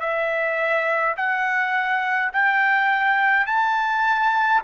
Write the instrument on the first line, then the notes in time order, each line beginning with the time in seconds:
trumpet
0.00 E5
1.16 F#5
2.33 G5
3.46 A5